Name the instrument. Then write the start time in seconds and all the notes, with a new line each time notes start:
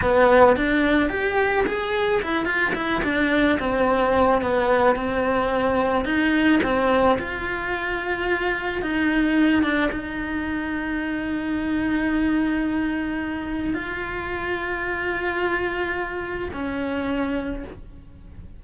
cello
0.02 B3
0.56 D4
1.09 G4
1.66 G#4
2.22 E4
2.45 F4
2.74 E4
3.03 D4
3.59 C4
4.41 B3
4.95 C4
6.05 D#4
6.63 C4
7.18 F4
8.82 D#4
9.62 D4
9.91 D#4
13.73 F4
16.53 C#4